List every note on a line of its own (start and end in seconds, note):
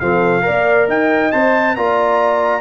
0.00 0.45 F3
0.00 0.42 C4
0.00 0.45 A4
0.00 0.88 F5
0.42 1.30 A#4
0.42 0.89 D5
0.48 0.88 A#3
0.88 1.32 D#4
0.88 1.76 D#5
0.88 1.32 G5
1.32 1.77 C4
1.32 1.77 C5
1.32 1.76 A5
1.76 2.61 A#3
1.76 2.61 F4
1.76 2.61 D5
1.76 2.61 A#5